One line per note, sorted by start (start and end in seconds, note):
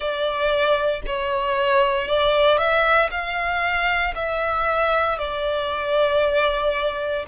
0.00 1.01 D5
1.06 2.07 C#5
2.07 2.58 D5
2.58 3.09 E5
3.10 4.14 F5
4.15 5.18 E5
5.18 7.25 D5